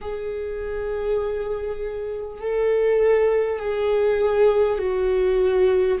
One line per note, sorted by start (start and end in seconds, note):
0.01 2.41 G#4
2.41 3.59 A4
3.59 4.78 G#4
4.78 5.98 F#4